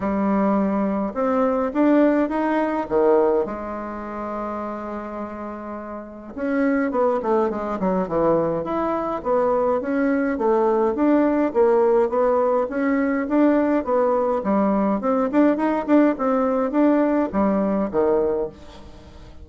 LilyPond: \new Staff \with { instrumentName = "bassoon" } { \time 4/4 \tempo 4 = 104 g2 c'4 d'4 | dis'4 dis4 gis2~ | gis2. cis'4 | b8 a8 gis8 fis8 e4 e'4 |
b4 cis'4 a4 d'4 | ais4 b4 cis'4 d'4 | b4 g4 c'8 d'8 dis'8 d'8 | c'4 d'4 g4 dis4 | }